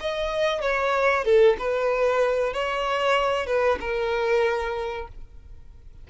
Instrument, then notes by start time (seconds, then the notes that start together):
violin
0.00 D#5
0.61 C#5
1.24 A4
1.58 B4
2.53 C#5
3.47 B4
3.80 A#4